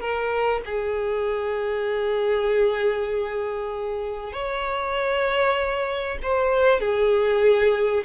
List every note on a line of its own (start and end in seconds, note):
0.00 0.62 A#4
0.66 4.33 G#4
4.33 6.19 C#5
6.23 6.80 C5
6.80 8.04 G#4